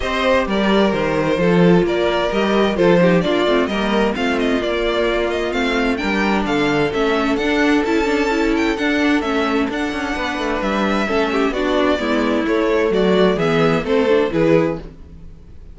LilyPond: <<
  \new Staff \with { instrumentName = "violin" } { \time 4/4 \tempo 4 = 130 dis''4 d''4 c''2 | d''4 dis''4 c''4 d''4 | dis''4 f''8 dis''8 d''4. dis''8 | f''4 g''4 f''4 e''4 |
fis''4 a''4. g''8 fis''4 | e''4 fis''2 e''4~ | e''4 d''2 cis''4 | d''4 e''4 c''4 b'4 | }
  \new Staff \with { instrumentName = "violin" } { \time 4/4 c''4 ais'2 a'4 | ais'2 a'8 g'8 f'4 | ais'4 f'2.~ | f'4 ais'4 a'2~ |
a'1~ | a'2 b'2 | a'8 g'8 fis'4 e'2 | fis'4 gis'4 a'4 gis'4 | }
  \new Staff \with { instrumentName = "viola" } { \time 4/4 g'2. f'4~ | f'4 g'4 f'8 dis'8 d'8 c'8 | ais4 c'4 ais2 | c'4 d'2 cis'4 |
d'4 e'8 d'8 e'4 d'4 | cis'4 d'2. | cis'4 d'4 b4 a4~ | a4 b4 c'8 d'8 e'4 | }
  \new Staff \with { instrumentName = "cello" } { \time 4/4 c'4 g4 dis4 f4 | ais4 g4 f4 ais8 a8 | g4 a4 ais2 | a4 g4 d4 a4 |
d'4 cis'2 d'4 | a4 d'8 cis'8 b8 a8 g4 | a4 b4 gis4 a4 | fis4 e4 a4 e4 | }
>>